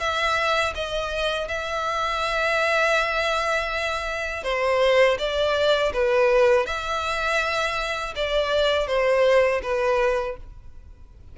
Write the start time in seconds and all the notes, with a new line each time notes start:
0.00 E5
0.75 D#5
1.48 E5
4.44 C5
5.19 D5
5.94 B4
6.66 E5
8.16 D5
8.88 C5
9.63 B4